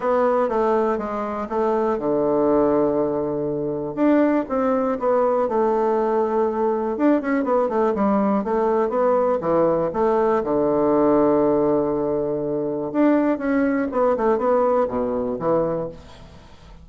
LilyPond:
\new Staff \with { instrumentName = "bassoon" } { \time 4/4 \tempo 4 = 121 b4 a4 gis4 a4 | d1 | d'4 c'4 b4 a4~ | a2 d'8 cis'8 b8 a8 |
g4 a4 b4 e4 | a4 d2.~ | d2 d'4 cis'4 | b8 a8 b4 b,4 e4 | }